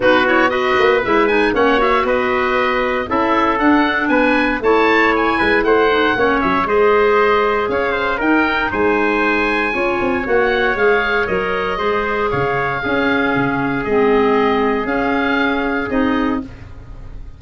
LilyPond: <<
  \new Staff \with { instrumentName = "oboe" } { \time 4/4 \tempo 4 = 117 b'8 cis''8 dis''4 e''8 gis''8 fis''8 e''8 | dis''2 e''4 fis''4 | gis''4 a''4 gis''4 fis''4~ | fis''8 e''8 dis''2 f''4 |
g''4 gis''2. | fis''4 f''4 dis''2 | f''2. dis''4~ | dis''4 f''2 dis''4 | }
  \new Staff \with { instrumentName = "trumpet" } { \time 4/4 fis'4 b'2 cis''4 | b'2 a'2 | b'4 cis''4. b'8 c''4 | cis''4 c''2 cis''8 c''8 |
ais'4 c''2 cis''4~ | cis''2. c''4 | cis''4 gis'2.~ | gis'1 | }
  \new Staff \with { instrumentName = "clarinet" } { \time 4/4 dis'8 e'8 fis'4 e'8 dis'8 cis'8 fis'8~ | fis'2 e'4 d'4~ | d'4 e'2~ e'8 dis'8 | cis'4 gis'2. |
dis'2. f'4 | fis'4 gis'4 ais'4 gis'4~ | gis'4 cis'2 c'4~ | c'4 cis'2 dis'4 | }
  \new Staff \with { instrumentName = "tuba" } { \time 4/4 b4. ais8 gis4 ais4 | b2 cis'4 d'4 | b4 a4. gis8 a4 | ais8 fis8 gis2 cis'4 |
dis'4 gis2 cis'8 c'8 | ais4 gis4 fis4 gis4 | cis4 cis'4 cis4 gis4~ | gis4 cis'2 c'4 | }
>>